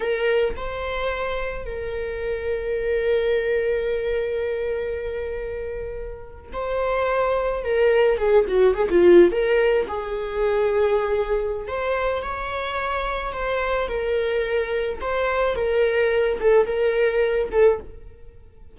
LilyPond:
\new Staff \with { instrumentName = "viola" } { \time 4/4 \tempo 4 = 108 ais'4 c''2 ais'4~ | ais'1~ | ais'2.~ ais'8. c''16~ | c''4.~ c''16 ais'4 gis'8 fis'8 gis'16 |
f'8. ais'4 gis'2~ gis'16~ | gis'4 c''4 cis''2 | c''4 ais'2 c''4 | ais'4. a'8 ais'4. a'8 | }